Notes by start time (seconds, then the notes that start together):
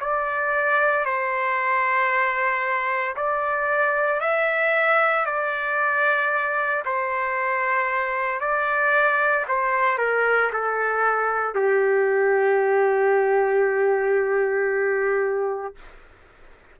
0.00 D5
1.05 C5
3.16 D5
4.21 E5
5.26 D5
6.86 C5
8.41 D5
9.48 C5
9.98 A#4
10.53 A4
11.55 G4